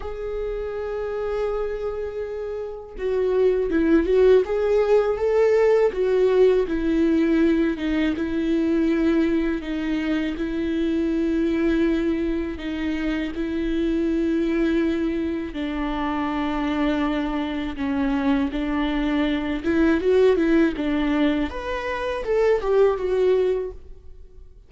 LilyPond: \new Staff \with { instrumentName = "viola" } { \time 4/4 \tempo 4 = 81 gis'1 | fis'4 e'8 fis'8 gis'4 a'4 | fis'4 e'4. dis'8 e'4~ | e'4 dis'4 e'2~ |
e'4 dis'4 e'2~ | e'4 d'2. | cis'4 d'4. e'8 fis'8 e'8 | d'4 b'4 a'8 g'8 fis'4 | }